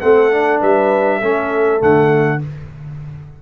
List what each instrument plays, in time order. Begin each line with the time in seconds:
0.00 tuba A3, trombone C4, horn A4, trumpet F#5
0.31 trombone D4
0.60 tuba G3, horn B4, trumpet E5
1.19 tuba A3, trombone C#4, horn A4
1.79 tuba D3, trombone A3, trumpet F#5